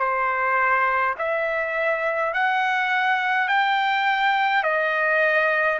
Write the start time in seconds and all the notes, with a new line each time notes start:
0.00 C5
1.19 E5
2.34 F#5
3.49 G5
4.64 D#5